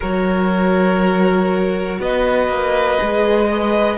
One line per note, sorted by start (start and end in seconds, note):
0.00 1.99 F#3
0.00 2.98 F#4
0.00 1.99 A#4
0.00 2.01 C#5
1.99 2.48 B3
1.99 3.49 B4
1.99 3.97 D#5
2.48 2.98 A#3
2.98 3.97 G#3
2.98 3.48 G#4
3.49 3.97 B4
3.49 3.97 D#5